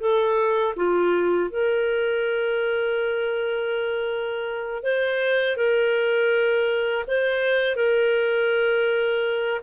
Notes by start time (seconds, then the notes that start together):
0.00 A4
0.76 F4
1.50 A#4
4.83 C5
5.57 A#4
7.07 C5
7.76 A#4